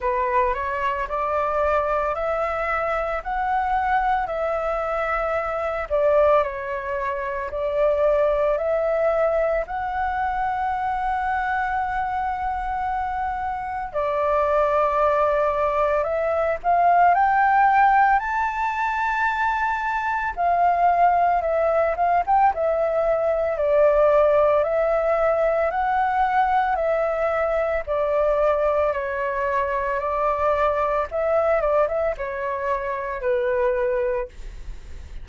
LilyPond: \new Staff \with { instrumentName = "flute" } { \time 4/4 \tempo 4 = 56 b'8 cis''8 d''4 e''4 fis''4 | e''4. d''8 cis''4 d''4 | e''4 fis''2.~ | fis''4 d''2 e''8 f''8 |
g''4 a''2 f''4 | e''8 f''16 g''16 e''4 d''4 e''4 | fis''4 e''4 d''4 cis''4 | d''4 e''8 d''16 e''16 cis''4 b'4 | }